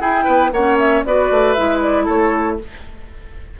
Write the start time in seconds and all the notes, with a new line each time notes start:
0.00 E4 G#4 G5
0.25 B3 B4
0.52 A#3 C#4 C#5 F#5
0.79 E5
1.06 B3 F#4 B4 D5
1.31 A3
1.54 G#3 E4 E5
1.82 D5
2.05 A3 A4 C#5